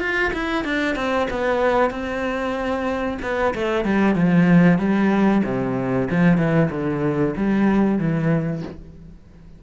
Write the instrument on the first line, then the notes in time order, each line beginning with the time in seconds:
cello
0.00 F4
0.33 E4
0.64 D4
0.95 C4
1.30 B3
1.90 C4
3.22 B3
3.54 A3
3.85 G3
4.15 F3
4.78 G3
5.44 C3
6.10 F3
6.38 E3
6.71 D3
7.36 G3
7.98 E3